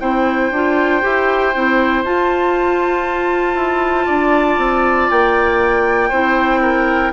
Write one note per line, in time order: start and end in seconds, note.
0.00 0.51 C4
0.00 0.52 E4
0.00 4.06 C5
0.00 2.03 G5
0.51 1.02 D4
0.51 1.02 F4
1.02 1.55 E4
1.02 1.53 G4
1.55 2.04 C4
1.55 2.05 E4
2.04 3.55 F4
2.04 6.12 F4
2.04 5.10 A5
3.55 4.06 E4
4.06 4.58 D4
4.06 6.09 D5
4.58 5.09 C4
5.10 6.11 A#3
5.10 7.13 G5
6.09 7.13 C4
6.09 7.14 E4
6.09 6.60 C5
6.62 7.13 A#4